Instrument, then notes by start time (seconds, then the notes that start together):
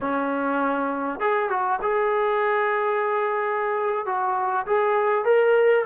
trombone
0.00 C#4
1.19 G#4
1.49 F#4
1.82 G#4
4.06 F#4
4.66 G#4
5.24 A#4